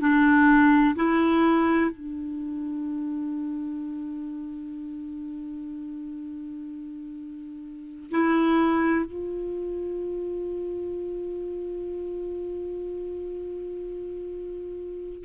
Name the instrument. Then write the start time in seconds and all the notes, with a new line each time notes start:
clarinet
0.00 D4
0.96 E4
1.91 D4
8.11 E4
9.05 F4